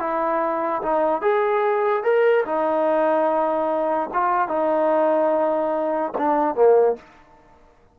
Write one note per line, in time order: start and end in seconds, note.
0.00 0.82 E4
0.83 1.22 D#4
1.22 2.04 G#4
2.04 2.45 A#4
2.46 4.10 D#4
4.14 4.49 F4
4.49 6.13 D#4
6.18 6.55 D4
6.55 6.96 A#3